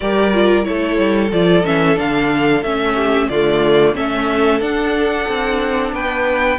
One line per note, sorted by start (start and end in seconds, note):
0.00 0.67 G3
0.00 0.33 G4
0.00 0.67 A#4
0.00 0.64 D5
0.33 0.63 F4
0.63 0.98 A3
0.63 1.29 E4
0.63 2.95 A4
0.63 1.30 C#5
0.98 1.31 G3
1.31 1.64 F3
1.31 1.64 F4
1.31 1.65 D5
1.64 1.98 E3
1.64 1.95 C#4
1.64 1.98 E5
1.95 2.62 D3
1.95 2.61 D4
1.95 2.63 F5
2.62 3.28 A3
2.62 3.30 C#4
2.62 3.28 E5
2.95 3.28 G4
3.28 3.95 D3
3.28 3.94 A3
3.28 3.95 F4
3.28 3.94 D5
3.94 4.60 A3
3.94 4.60 C#4
3.94 5.93 A4
3.94 4.60 E5
4.60 6.58 D4
4.60 5.26 D4
4.60 5.92 F#5
5.27 5.92 C4
5.92 6.58 B3
5.92 6.59 B4
5.92 6.59 G5